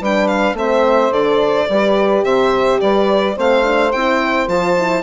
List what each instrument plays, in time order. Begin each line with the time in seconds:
0.00 bassoon G3, horn D4, saxophone B4, violin G5
0.28 violin F5
0.54 bassoon A3, horn C4, saxophone C5, violin E5
1.12 bassoon D3, horn A4, violin D5
1.69 bassoon G3, horn G4, saxophone B4
2.24 bassoon C3, saxophone C5, violin E5
2.81 bassoon G3, saxophone B4, violin D5
3.36 bassoon A3, horn C4, saxophone C5, violin F5
3.64 horn D4
3.92 bassoon C4, horn E4, violin G5
4.48 bassoon F3, horn F4, violin A5
4.77 horn E4